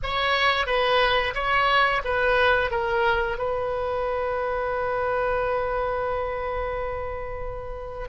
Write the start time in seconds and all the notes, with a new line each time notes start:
0.02 C#5
0.66 B4
1.34 C#5
2.04 B4
2.70 A#4
3.38 B4